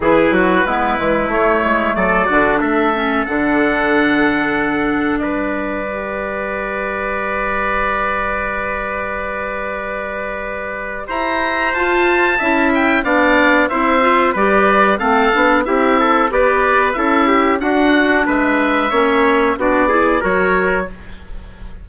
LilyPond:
<<
  \new Staff \with { instrumentName = "oboe" } { \time 4/4 \tempo 4 = 92 b'2 cis''4 d''4 | e''4 fis''2. | d''1~ | d''1~ |
d''4 ais''4 a''4. g''8 | f''4 e''4 d''4 f''4 | e''4 d''4 e''4 fis''4 | e''2 d''4 cis''4 | }
  \new Staff \with { instrumentName = "trumpet" } { \time 4/4 gis'8 fis'8 e'2 a'8 fis'8 | a'1 | b'1~ | b'1~ |
b'4 c''2 e''4 | d''4 c''4 b'4 a'4 | g'8 a'8 b'4 a'8 g'8 fis'4 | b'4 cis''4 fis'8 gis'8 ais'4 | }
  \new Staff \with { instrumentName = "clarinet" } { \time 4/4 e'4 b8 gis8 a4. d'8~ | d'8 cis'8 d'2.~ | d'4 g'2.~ | g'1~ |
g'2 f'4 e'4 | d'4 e'8 f'8 g'4 c'8 d'8 | e'4 g'4 e'4 d'4~ | d'4 cis'4 d'8 e'8 fis'4 | }
  \new Staff \with { instrumentName = "bassoon" } { \time 4/4 e8 fis8 gis8 e8 a8 gis8 fis8 d8 | a4 d2. | g1~ | g1~ |
g4 e'4 f'4 cis'4 | b4 c'4 g4 a8 b8 | c'4 b4 cis'4 d'4 | gis4 ais4 b4 fis4 | }
>>